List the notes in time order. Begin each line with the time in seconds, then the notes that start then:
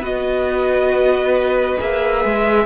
0.00 B3 F#4 B4 D#5
1.78 A#3 G#4 E5
2.25 G#3